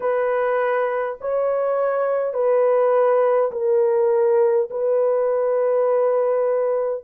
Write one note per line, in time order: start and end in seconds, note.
0.00 1.18 B4
1.20 2.33 C#5
2.33 3.51 B4
3.51 4.69 A#4
4.70 7.04 B4